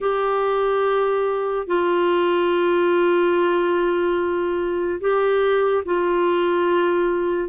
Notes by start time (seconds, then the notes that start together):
0.00 G4
1.66 F4
5.00 G4
5.85 F4